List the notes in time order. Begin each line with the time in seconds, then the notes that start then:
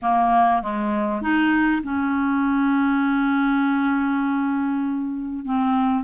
0.02 A#3
0.62 G#3
1.21 D#4
1.83 C#4
5.45 C4